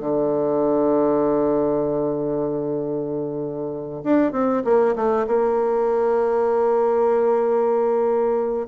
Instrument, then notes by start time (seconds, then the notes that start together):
bassoon
0.00 D3
4.03 D4
4.32 C4
4.64 A#3
4.95 A3
5.27 A#3